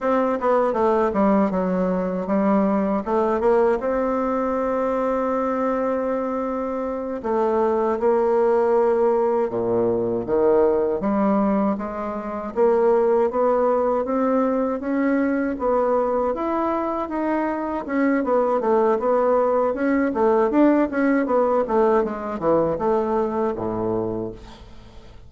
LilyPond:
\new Staff \with { instrumentName = "bassoon" } { \time 4/4 \tempo 4 = 79 c'8 b8 a8 g8 fis4 g4 | a8 ais8 c'2.~ | c'4. a4 ais4.~ | ais8 ais,4 dis4 g4 gis8~ |
gis8 ais4 b4 c'4 cis'8~ | cis'8 b4 e'4 dis'4 cis'8 | b8 a8 b4 cis'8 a8 d'8 cis'8 | b8 a8 gis8 e8 a4 a,4 | }